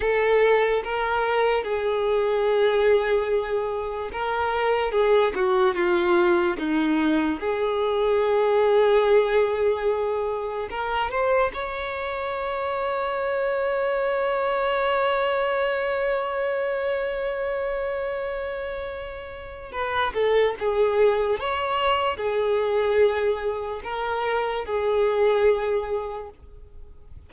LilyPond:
\new Staff \with { instrumentName = "violin" } { \time 4/4 \tempo 4 = 73 a'4 ais'4 gis'2~ | gis'4 ais'4 gis'8 fis'8 f'4 | dis'4 gis'2.~ | gis'4 ais'8 c''8 cis''2~ |
cis''1~ | cis''1 | b'8 a'8 gis'4 cis''4 gis'4~ | gis'4 ais'4 gis'2 | }